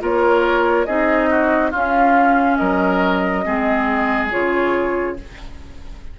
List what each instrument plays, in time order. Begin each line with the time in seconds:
0.00 bassoon A#3, clarinet F4, oboe A#4, flute C#5
0.85 bassoon C4, clarinet D#4, oboe G#4, flute D#5
1.29 oboe F#4
1.70 bassoon C#4, clarinet C#4, oboe F4, flute F5
2.56 bassoon F#3, oboe A#4, flute D#5
3.44 bassoon G#3, clarinet C4, oboe G#4
4.30 bassoon C#3, clarinet F4, flute C#5